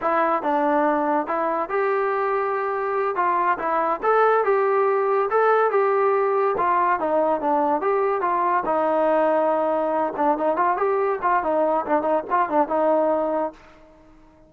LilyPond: \new Staff \with { instrumentName = "trombone" } { \time 4/4 \tempo 4 = 142 e'4 d'2 e'4 | g'2.~ g'8 f'8~ | f'8 e'4 a'4 g'4.~ | g'8 a'4 g'2 f'8~ |
f'8 dis'4 d'4 g'4 f'8~ | f'8 dis'2.~ dis'8 | d'8 dis'8 f'8 g'4 f'8 dis'4 | d'8 dis'8 f'8 d'8 dis'2 | }